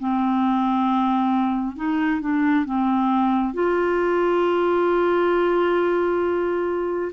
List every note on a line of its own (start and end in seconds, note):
0.00 1.77 C4
1.77 2.21 D#4
2.21 2.66 D4
2.66 3.54 C4
3.54 7.12 F4